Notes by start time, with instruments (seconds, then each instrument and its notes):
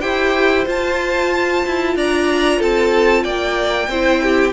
0.00 cello E4, viola G4, violin C5 G5
0.65 viola F4, cello F4, violin A5
1.66 cello E4
1.95 cello D4, violin D5 A#5
2.58 cello C4, violin A4 A5
3.23 cello A#3, violin D5 G5
3.88 cello C4, viola E4, violin C5
4.22 violin G4